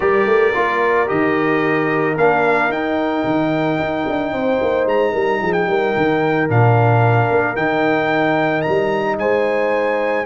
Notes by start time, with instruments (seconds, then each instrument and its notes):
0.00 tuba G3, trombone G4, horn A#4, trumpet D5
0.25 tuba A3
0.54 tuba A#3, trombone F4
1.07 tuba D#3, trombone G4, trumpet D#5
2.16 tuba A#3, trombone D4, trumpet F5
2.68 tuba D#4, trombone D#4, trumpet G5
3.24 tuba D#3
3.79 tuba D#4
4.08 tuba D4
4.32 tuba C4, horn C5
4.61 tuba A#3
4.86 tuba G#3, trumpet A#5
5.12 tuba G3, horn A#4
5.41 tuba F3, horn G#4
5.53 trumpet G5
5.66 tuba G3, horn A#4
5.97 tuba D#3
6.49 tuba A#2, trombone D4, trumpet F5
7.30 tuba A#3
7.55 tuba D#3, trombone D#4, trumpet G5
8.61 trumpet A#5
8.67 tuba G3
9.17 tuba G#3, horn C5, trumpet G#5